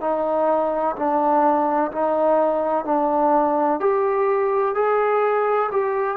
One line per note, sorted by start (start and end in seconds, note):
0.00 0.95 D#4
0.95 1.90 D4
1.91 2.84 D#4
2.84 3.80 D4
3.80 4.74 G4
4.74 5.70 G#4
5.71 6.17 G4